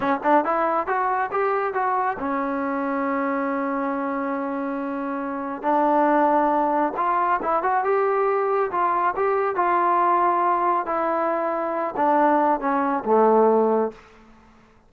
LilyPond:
\new Staff \with { instrumentName = "trombone" } { \time 4/4 \tempo 4 = 138 cis'8 d'8 e'4 fis'4 g'4 | fis'4 cis'2.~ | cis'1~ | cis'4 d'2. |
f'4 e'8 fis'8 g'2 | f'4 g'4 f'2~ | f'4 e'2~ e'8 d'8~ | d'4 cis'4 a2 | }